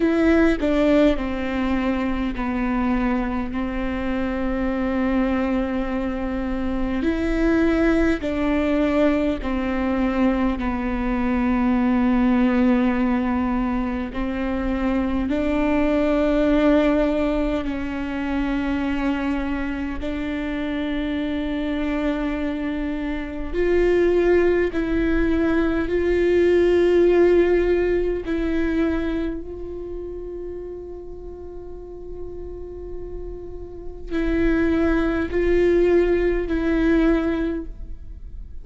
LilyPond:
\new Staff \with { instrumentName = "viola" } { \time 4/4 \tempo 4 = 51 e'8 d'8 c'4 b4 c'4~ | c'2 e'4 d'4 | c'4 b2. | c'4 d'2 cis'4~ |
cis'4 d'2. | f'4 e'4 f'2 | e'4 f'2.~ | f'4 e'4 f'4 e'4 | }